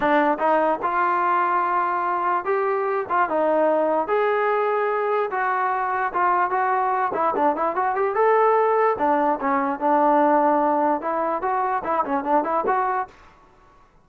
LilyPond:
\new Staff \with { instrumentName = "trombone" } { \time 4/4 \tempo 4 = 147 d'4 dis'4 f'2~ | f'2 g'4. f'8 | dis'2 gis'2~ | gis'4 fis'2 f'4 |
fis'4. e'8 d'8 e'8 fis'8 g'8 | a'2 d'4 cis'4 | d'2. e'4 | fis'4 e'8 cis'8 d'8 e'8 fis'4 | }